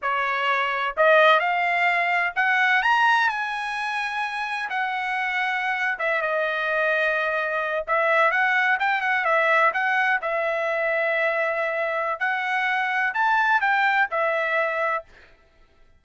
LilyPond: \new Staff \with { instrumentName = "trumpet" } { \time 4/4 \tempo 4 = 128 cis''2 dis''4 f''4~ | f''4 fis''4 ais''4 gis''4~ | gis''2 fis''2~ | fis''8. e''8 dis''2~ dis''8.~ |
dis''8. e''4 fis''4 g''8 fis''8 e''16~ | e''8. fis''4 e''2~ e''16~ | e''2 fis''2 | a''4 g''4 e''2 | }